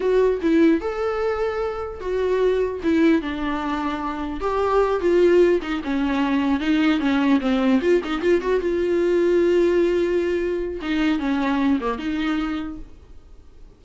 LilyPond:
\new Staff \with { instrumentName = "viola" } { \time 4/4 \tempo 4 = 150 fis'4 e'4 a'2~ | a'4 fis'2 e'4 | d'2. g'4~ | g'8 f'4. dis'8 cis'4.~ |
cis'8 dis'4 cis'4 c'4 f'8 | dis'8 f'8 fis'8 f'2~ f'8~ | f'2. dis'4 | cis'4. ais8 dis'2 | }